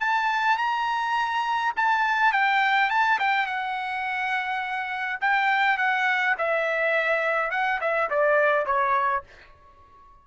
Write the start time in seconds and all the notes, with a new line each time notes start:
0.00 A5
0.58 A#5
1.76 A5
2.32 G5
2.90 A5
3.19 G5
3.46 F#5
5.21 G5
5.78 F#5
6.38 E5
7.51 F#5
7.81 E5
8.10 D5
8.66 C#5